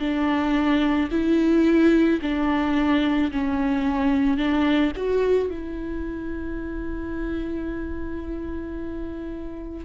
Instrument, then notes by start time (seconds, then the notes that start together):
viola
0.00 D4
1.11 E4
2.22 D4
3.32 C#4
4.37 D4
4.96 F#4
5.50 E4